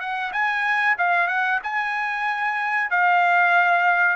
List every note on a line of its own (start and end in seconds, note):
0.00 0.32 F#5
0.32 0.96 G#5
0.98 1.28 F5
1.28 1.60 F#5
1.63 2.91 G#5
2.91 4.16 F5